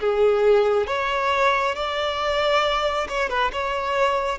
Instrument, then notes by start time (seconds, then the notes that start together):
violin
0.00 G#4
0.87 C#5
1.75 D5
3.08 C#5
3.29 B4
3.52 C#5